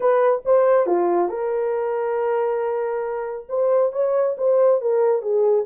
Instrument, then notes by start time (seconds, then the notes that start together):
horn
0.00 B4
0.45 C5
0.86 F4
1.28 A#4
3.48 C5
3.92 C#5
4.37 C5
4.81 A#4
5.22 G#4